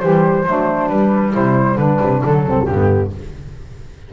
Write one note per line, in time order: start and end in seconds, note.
0.00 0.45 E3
0.00 0.46 G3
0.00 0.45 G4
0.00 0.88 C5
0.45 0.89 F#3
0.45 0.89 A3
0.45 1.31 D4
0.88 2.21 G3
0.88 1.33 G3
0.88 1.32 B4
1.31 1.76 C3
1.31 1.75 E4
1.31 1.77 C5
1.76 1.98 D3
1.76 2.43 D4
1.76 2.21 B4
2.01 2.23 C3
2.22 2.45 D3
2.22 2.66 F#3
2.22 2.66 A4
2.45 2.67 C2
2.45 2.68 C4
2.66 3.12 G2
2.66 3.11 D3
2.66 3.13 B3
2.66 3.10 G4